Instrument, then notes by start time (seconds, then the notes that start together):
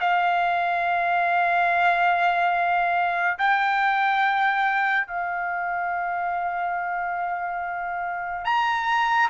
trumpet
0.00 F5
3.38 G5
5.07 F5
8.45 A#5